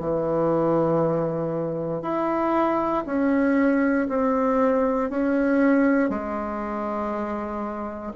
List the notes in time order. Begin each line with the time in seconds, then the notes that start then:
0.00 E3
2.02 E4
3.06 C#4
4.09 C4
5.10 C#4
6.10 G#3